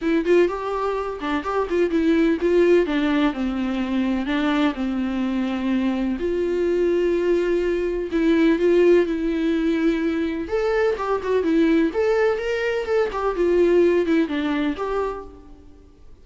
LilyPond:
\new Staff \with { instrumentName = "viola" } { \time 4/4 \tempo 4 = 126 e'8 f'8 g'4. d'8 g'8 f'8 | e'4 f'4 d'4 c'4~ | c'4 d'4 c'2~ | c'4 f'2.~ |
f'4 e'4 f'4 e'4~ | e'2 a'4 g'8 fis'8 | e'4 a'4 ais'4 a'8 g'8 | f'4. e'8 d'4 g'4 | }